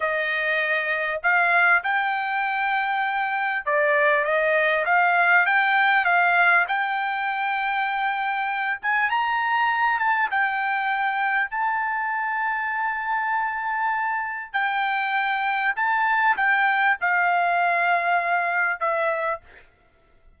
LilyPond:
\new Staff \with { instrumentName = "trumpet" } { \time 4/4 \tempo 4 = 99 dis''2 f''4 g''4~ | g''2 d''4 dis''4 | f''4 g''4 f''4 g''4~ | g''2~ g''8 gis''8 ais''4~ |
ais''8 a''8 g''2 a''4~ | a''1 | g''2 a''4 g''4 | f''2. e''4 | }